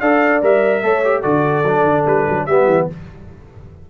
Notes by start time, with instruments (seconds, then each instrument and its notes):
0.00 tuba D4, trombone A4, horn D5, trumpet F5
0.42 tuba G3, trombone A#4, trumpet E5
0.82 tuba A3, trombone A4, horn C#5
1.04 trombone G4
1.21 tuba D3, trombone F#4, horn A4, trumpet D5
1.64 tuba F#3, trombone D4
1.84 tuba D3
2.06 tuba G3, trumpet B4
2.29 tuba F#3
2.46 tuba G3, trombone B3, horn G4, trumpet E5
2.66 tuba E3